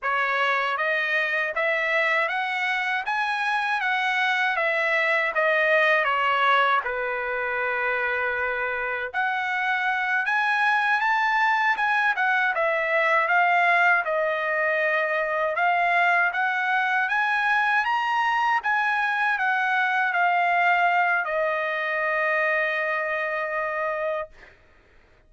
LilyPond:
\new Staff \with { instrumentName = "trumpet" } { \time 4/4 \tempo 4 = 79 cis''4 dis''4 e''4 fis''4 | gis''4 fis''4 e''4 dis''4 | cis''4 b'2. | fis''4. gis''4 a''4 gis''8 |
fis''8 e''4 f''4 dis''4.~ | dis''8 f''4 fis''4 gis''4 ais''8~ | ais''8 gis''4 fis''4 f''4. | dis''1 | }